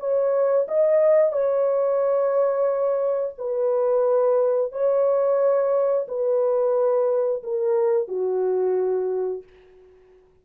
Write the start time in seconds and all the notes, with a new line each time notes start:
0.00 C#5
0.69 D#5
1.33 C#5
3.38 B4
4.72 C#5
6.08 B4
7.43 A#4
8.09 F#4